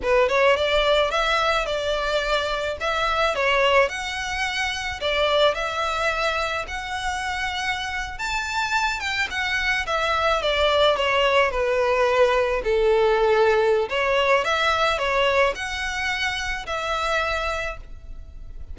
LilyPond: \new Staff \with { instrumentName = "violin" } { \time 4/4 \tempo 4 = 108 b'8 cis''8 d''4 e''4 d''4~ | d''4 e''4 cis''4 fis''4~ | fis''4 d''4 e''2 | fis''2~ fis''8. a''4~ a''16~ |
a''16 g''8 fis''4 e''4 d''4 cis''16~ | cis''8. b'2 a'4~ a'16~ | a'4 cis''4 e''4 cis''4 | fis''2 e''2 | }